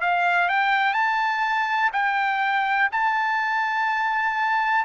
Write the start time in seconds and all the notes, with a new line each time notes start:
0.00 F5
0.48 G5
0.93 A5
1.93 G5
2.91 A5